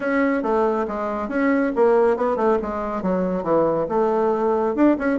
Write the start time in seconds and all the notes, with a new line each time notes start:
0.00 C#4
0.42 A3
0.87 G#3
1.28 C#4
1.75 A#3
2.16 B3
2.36 A3
2.62 G#3
3.02 F#3
3.43 E3
3.88 A3
4.75 D4
4.98 C#4